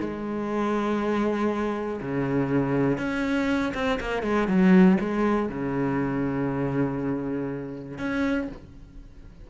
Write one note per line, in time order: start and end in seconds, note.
0.00 2.00 G#3
2.01 2.98 C#3
2.98 3.73 C#4
3.74 3.99 C4
4.00 4.22 A#3
4.22 4.47 G#3
4.48 4.98 F#3
5.00 5.49 G#3
5.49 7.98 C#3
7.98 8.48 C#4